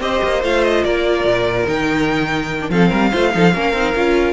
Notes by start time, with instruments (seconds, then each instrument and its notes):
0.00 cello C4, viola G4, violin C5 D#5
0.23 cello A#3
0.43 cello A3, viola F4, violin F5
0.63 violin D#5
0.84 cello A#3, violin A#4 D5
1.24 cello A#2
1.64 cello D#3, viola D#4, violin G5
2.61 viola D4
2.69 cello F3, viola C4, violin A4 F5
2.89 cello G3, violin A#4
3.11 cello A3, viola F4, violin C5
3.31 cello F3, viola D#4, violin A4
3.53 cello A#3, viola C#4, violin A#4
3.73 cello C4, viola D#4
3.95 cello C#4, viola F4